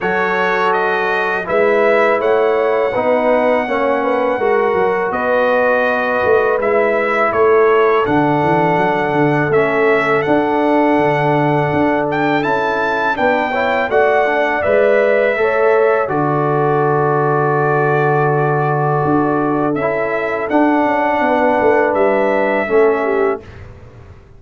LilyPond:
<<
  \new Staff \with { instrumentName = "trumpet" } { \time 4/4 \tempo 4 = 82 cis''4 dis''4 e''4 fis''4~ | fis''2. dis''4~ | dis''4 e''4 cis''4 fis''4~ | fis''4 e''4 fis''2~ |
fis''8 g''8 a''4 g''4 fis''4 | e''2 d''2~ | d''2. e''4 | fis''2 e''2 | }
  \new Staff \with { instrumentName = "horn" } { \time 4/4 a'2 b'4 cis''4 | b'4 cis''8 b'8 ais'4 b'4~ | b'2 a'2~ | a'1~ |
a'2 b'8 cis''8 d''4~ | d''4 cis''4 a'2~ | a'1~ | a'4 b'2 a'8 g'8 | }
  \new Staff \with { instrumentName = "trombone" } { \time 4/4 fis'2 e'2 | dis'4 cis'4 fis'2~ | fis'4 e'2 d'4~ | d'4 cis'4 d'2~ |
d'4 e'4 d'8 e'8 fis'8 d'8 | b'4 a'4 fis'2~ | fis'2. e'4 | d'2. cis'4 | }
  \new Staff \with { instrumentName = "tuba" } { \time 4/4 fis2 gis4 a4 | b4 ais4 gis8 fis8 b4~ | b8 a8 gis4 a4 d8 e8 | fis8 d8 a4 d'4 d4 |
d'4 cis'4 b4 a4 | gis4 a4 d2~ | d2 d'4 cis'4 | d'8 cis'8 b8 a8 g4 a4 | }
>>